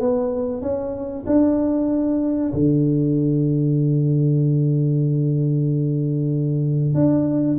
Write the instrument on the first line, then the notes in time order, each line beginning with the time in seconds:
tuba
0.00 B3
0.62 C#4
1.27 D4
2.53 D3
6.94 D4